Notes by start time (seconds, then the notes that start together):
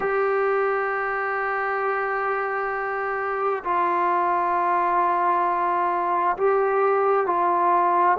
0.00 G4
3.64 F4
6.37 G4
7.26 F4